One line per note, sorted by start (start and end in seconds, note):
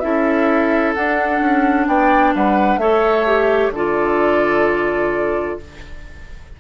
0.00 0.96 C#4
0.00 0.95 E4
0.00 1.88 A4
0.00 0.92 E5
0.94 1.40 D4
0.94 2.81 D4
0.94 1.87 F#5
1.40 1.87 C#4
1.87 2.33 B3
1.87 2.34 D5
1.87 2.34 G5
2.35 2.77 G3
2.35 2.80 B4
2.35 2.78 F#5
2.77 3.69 A3
2.77 3.27 A4
2.77 3.72 C#5
2.77 3.71 E5
3.27 3.73 G4
3.70 5.55 D3
3.70 5.60 F4
3.70 5.59 A4
3.70 5.59 D5